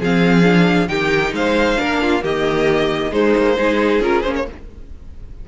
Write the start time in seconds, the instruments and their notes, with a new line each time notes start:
0.00 cello F3, viola C4, violin G#4 F5
0.44 viola D4
0.88 cello D#3, viola D#4, violin G4 G5
1.33 cello G#3, violin C5 F5
1.77 cello A#3, viola D4, violin A#4
2.02 violin F4
2.21 cello D#3, viola A#3, violin G4 D#5
3.12 cello G#3, viola G#3, violin D#4 C5
3.37 cello A#3
3.57 cello G#3, viola D#4, violin G#4
4.00 cello C#4, viola F4, violin A#4
4.23 cello A#3, viola C#4, violin C5
4.36 violin C#5